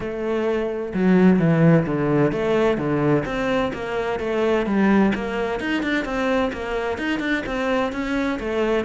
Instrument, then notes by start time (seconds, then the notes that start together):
cello
0.00 A3
0.93 F#3
1.39 E3
1.86 D3
2.32 A3
2.77 D3
3.25 C4
3.73 A#3
4.19 A3
4.65 G3
5.14 A#3
5.60 D#4
5.82 D4
6.04 C4
6.52 A#3
6.98 D#4
7.19 D4
7.46 C4
7.92 C#4
8.39 A3